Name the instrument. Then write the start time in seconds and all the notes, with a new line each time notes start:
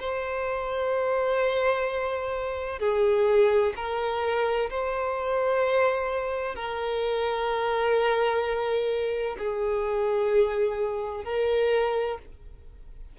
violin
0.00 C5
2.80 G#4
3.76 A#4
4.70 C5
6.55 A#4
9.39 G#4
11.25 A#4